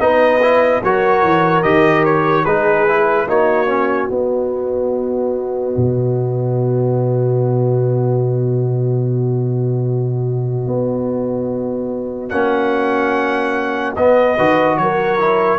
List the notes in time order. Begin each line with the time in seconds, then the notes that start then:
0.00 B3 D#4 B4 D#5
0.42 E4
0.83 F#3 F#4 A#4 C#5
1.23 E3
1.63 D#3 G4 D#5
2.05 C#5
2.44 G#3 D#4 G#4 B4
2.89 E4
3.28 A#3 D#4 F#4 C#5
3.67 C#4
4.08 B3 D#5
5.77 B2
10.67 B3
12.30 A#3 C#4 F#5
13.96 B3 D#5
14.36 D#3 F#4 B4
14.78 F#3 A#4 C#5
15.19 E4